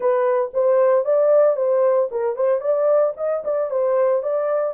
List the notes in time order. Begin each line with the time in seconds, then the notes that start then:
0.00 B4
0.53 C5
1.04 D5
1.56 C5
2.11 A#4
2.36 C5
2.61 D5
3.16 D#5
3.44 D5
3.70 C5
4.22 D5